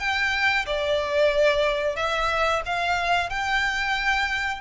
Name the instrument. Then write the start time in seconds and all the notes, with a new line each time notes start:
violin
0.00 G5
0.66 D5
1.97 E5
2.66 F5
3.30 G5